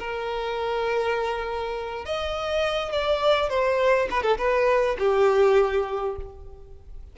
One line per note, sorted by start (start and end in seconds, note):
0.00 2.06 A#4
2.06 2.93 D#5
2.93 3.50 D5
3.50 4.09 C5
4.11 4.23 B4
4.23 4.38 A4
4.38 4.97 B4
4.99 6.17 G4